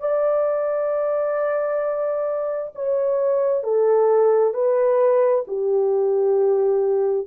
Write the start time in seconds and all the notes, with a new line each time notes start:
0.00 D5
2.75 C#5
3.64 A4
4.54 B4
5.48 G4